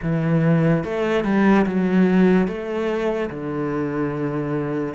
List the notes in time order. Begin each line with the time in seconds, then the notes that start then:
0.02 E3
0.84 A3
1.24 G3
1.66 F#3
2.47 A3
3.30 D3